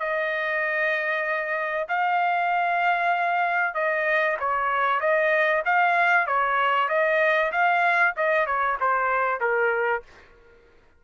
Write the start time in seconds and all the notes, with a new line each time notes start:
0.00 D#5
1.89 F5
3.75 D#5
4.40 C#5
5.01 D#5
5.66 F5
6.27 C#5
6.89 D#5
7.53 F5
8.17 D#5
8.47 C#5
8.81 C5
9.41 A#4